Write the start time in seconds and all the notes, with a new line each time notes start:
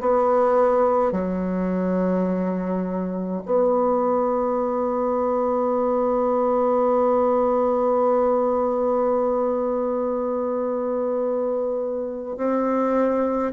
0.00 B3
1.12 F#3
3.45 B3
12.37 C4